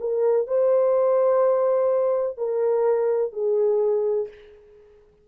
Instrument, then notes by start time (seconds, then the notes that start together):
horn
0.00 A#4
0.47 C5
2.37 A#4
3.32 G#4